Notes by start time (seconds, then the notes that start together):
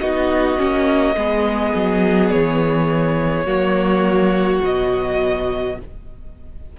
0.00 B3 D#4 F#4 D#5
0.57 A#3 C#4
1.16 G#3 B3 G#4
1.75 F#3
2.30 E3 C#5
3.45 F#3 A#3 F#4
4.63 B2 F#3 D#5